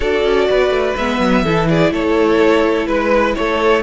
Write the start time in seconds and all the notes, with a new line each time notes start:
0.00 D4 F#4 A4 D5
0.24 C#4
0.49 B3 B4
0.70 A3
0.96 G#3 B3 E5
1.19 F#3
1.43 E3 E4 A4
1.69 G#4 D5
1.90 A3 A4 C#5
2.86 G#3 B4
3.35 A3 A4 C#5